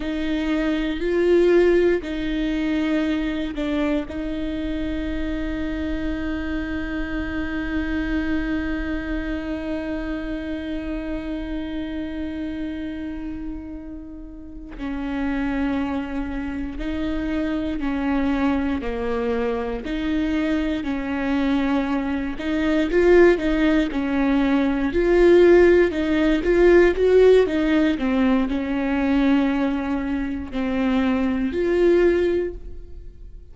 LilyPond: \new Staff \with { instrumentName = "viola" } { \time 4/4 \tempo 4 = 59 dis'4 f'4 dis'4. d'8 | dis'1~ | dis'1~ | dis'2~ dis'8 cis'4.~ |
cis'8 dis'4 cis'4 ais4 dis'8~ | dis'8 cis'4. dis'8 f'8 dis'8 cis'8~ | cis'8 f'4 dis'8 f'8 fis'8 dis'8 c'8 | cis'2 c'4 f'4 | }